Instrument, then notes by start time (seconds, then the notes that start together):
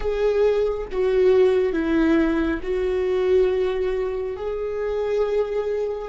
viola
0.00 G#4
0.91 F#4
1.72 E4
2.62 F#4
4.36 G#4